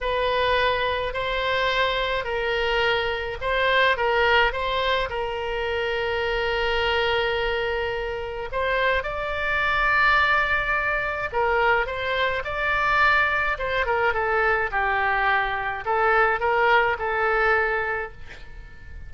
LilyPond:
\new Staff \with { instrumentName = "oboe" } { \time 4/4 \tempo 4 = 106 b'2 c''2 | ais'2 c''4 ais'4 | c''4 ais'2.~ | ais'2. c''4 |
d''1 | ais'4 c''4 d''2 | c''8 ais'8 a'4 g'2 | a'4 ais'4 a'2 | }